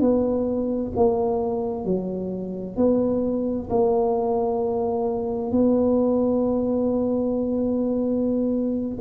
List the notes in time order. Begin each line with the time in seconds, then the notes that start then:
0.00 B3
0.96 A#3
1.85 F#3
2.76 B3
3.70 A#3
5.51 B3